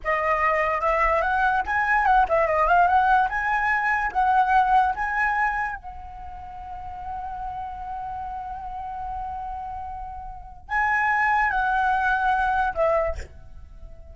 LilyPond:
\new Staff \with { instrumentName = "flute" } { \time 4/4 \tempo 4 = 146 dis''2 e''4 fis''4 | gis''4 fis''8 e''8 dis''8 f''8 fis''4 | gis''2 fis''2 | gis''2 fis''2~ |
fis''1~ | fis''1~ | fis''2 gis''2 | fis''2. e''4 | }